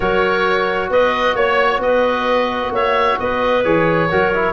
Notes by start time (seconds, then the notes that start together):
0.00 F#3 F#4 A#4 C#5
0.89 B3 B4 D#5
1.35 A#3 C#5
1.78 B3 D#5
1.85 B4
2.71 A#3 C#5 E5
3.19 B3 B4 D#5
3.63 E3 G#4 C#5
4.09 F#3 F#4 A#4
4.34 E4